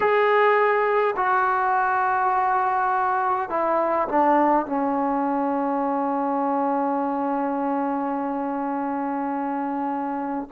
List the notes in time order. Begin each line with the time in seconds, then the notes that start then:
0.00 G#4
1.16 F#4
3.50 E4
4.08 D4
4.65 C#4